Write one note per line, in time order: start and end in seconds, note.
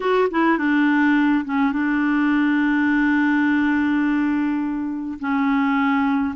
0.00 0.28 F#4
0.30 0.58 E4
0.58 1.44 D4
1.44 1.72 C#4
1.72 5.18 D4
5.19 6.35 C#4